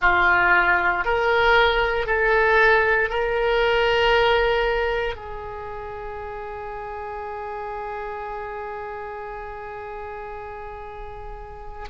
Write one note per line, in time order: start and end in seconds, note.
0.01 1.04 F4
1.04 2.06 A#4
2.06 3.09 A4
3.09 5.15 A#4
5.15 11.87 G#4